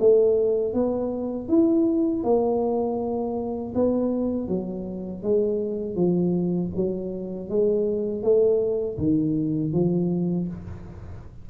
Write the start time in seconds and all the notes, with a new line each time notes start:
0.00 A3
0.74 B3
1.49 E4
2.24 A#3
3.75 B3
4.48 F#3
5.23 G#3
5.96 F3
6.76 F#3
7.50 G#3
8.23 A3
8.98 D#3
9.73 F3